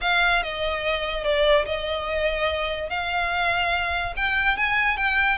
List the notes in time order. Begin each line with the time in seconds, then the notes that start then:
0.01 F5
0.43 D#5
1.24 D5
1.65 D#5
2.89 F5
4.16 G5
4.56 G#5
4.97 G5